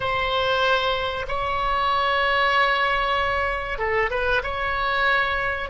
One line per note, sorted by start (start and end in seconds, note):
0.00 1.25 C5
1.28 3.78 C#5
3.78 4.09 A4
4.10 4.42 B4
4.43 5.69 C#5